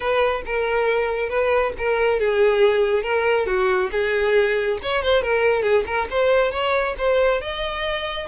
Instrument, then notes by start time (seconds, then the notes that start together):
violin
0.00 B4
0.45 A#4
1.29 B4
1.77 A#4
2.19 G#4
3.03 A#4
3.46 F#4
3.91 G#4
4.82 C#5
5.03 C5
5.22 A#4
5.62 G#4
5.86 A#4
6.10 C5
6.51 C#5
6.97 C5
7.41 D#5